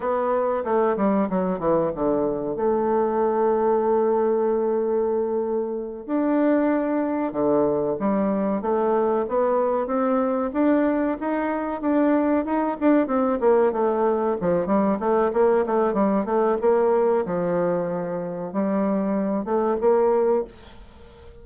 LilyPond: \new Staff \with { instrumentName = "bassoon" } { \time 4/4 \tempo 4 = 94 b4 a8 g8 fis8 e8 d4 | a1~ | a4. d'2 d8~ | d8 g4 a4 b4 c'8~ |
c'8 d'4 dis'4 d'4 dis'8 | d'8 c'8 ais8 a4 f8 g8 a8 | ais8 a8 g8 a8 ais4 f4~ | f4 g4. a8 ais4 | }